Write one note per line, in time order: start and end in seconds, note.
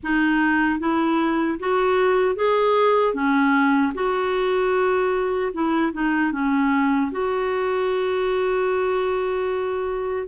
0.03 0.79 D#4
0.79 1.58 E4
1.59 2.35 F#4
2.35 3.14 G#4
3.14 3.93 C#4
3.94 5.52 F#4
5.53 5.92 E4
5.92 6.32 D#4
6.32 7.11 C#4
7.11 10.27 F#4